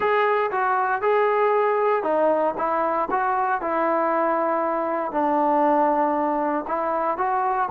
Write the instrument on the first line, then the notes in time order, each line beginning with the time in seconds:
trombone
0.00 G#4
0.51 F#4
1.01 G#4
2.03 D#4
2.57 E4
3.10 F#4
3.61 E4
5.11 D4
6.67 E4
7.17 F#4